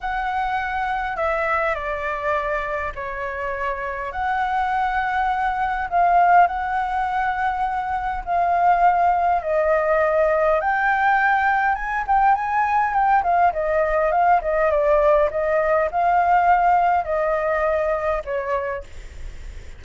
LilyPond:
\new Staff \with { instrumentName = "flute" } { \time 4/4 \tempo 4 = 102 fis''2 e''4 d''4~ | d''4 cis''2 fis''4~ | fis''2 f''4 fis''4~ | fis''2 f''2 |
dis''2 g''2 | gis''8 g''8 gis''4 g''8 f''8 dis''4 | f''8 dis''8 d''4 dis''4 f''4~ | f''4 dis''2 cis''4 | }